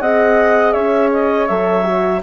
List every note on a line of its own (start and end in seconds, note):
0.00 0.74 C4
0.00 1.49 G#4
0.00 0.72 D#5
0.00 0.72 F#5
0.72 1.48 C#4
0.72 2.21 C#5
0.72 1.09 E5
1.12 1.47 D#5
1.47 2.22 F#3
1.47 1.84 A4
1.47 2.21 E5
1.84 2.21 F#4